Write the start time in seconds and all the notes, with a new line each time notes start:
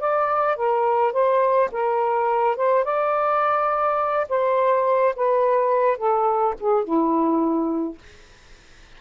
0.00 D5
0.57 A#4
1.13 C5
1.72 A#4
2.57 C5
2.84 D5
4.29 C5
5.16 B4
5.98 A4
6.60 G#4
6.84 E4